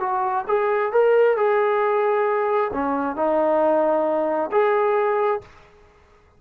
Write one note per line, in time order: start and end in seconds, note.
0.00 0.45 F#4
0.48 0.92 G#4
0.92 1.37 A#4
1.37 2.72 G#4
2.73 3.16 C#4
3.16 4.51 D#4
4.52 5.41 G#4